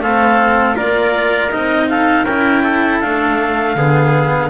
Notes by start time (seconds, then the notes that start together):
0.00 A3 C4 A4 F5
0.75 A#3 F4 A#4 D5
1.51 C4 D#4 D#5
1.89 A4 F5
2.25 C#4 E4 A#4 G5
2.63 A4
3.00 A3 D4 F5
3.75 D3 B3 G#4